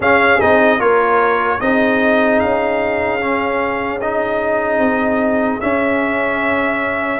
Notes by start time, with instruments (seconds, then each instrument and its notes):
0.00 tuba C#4, trombone C#4, horn G#4, trumpet F5
0.40 tuba C4, trombone D#4, trumpet D#5
0.79 tuba A#3, trombone F4, horn A#4, trumpet C#5
1.59 tuba C4, trombone D#4, horn G#4, trumpet D#5
2.39 tuba C#4, trumpet F5
3.20 trombone C#4
4.00 trombone D#4, trumpet D#5
4.78 tuba C4
5.60 trombone C#4, tuba C#4, trumpet E5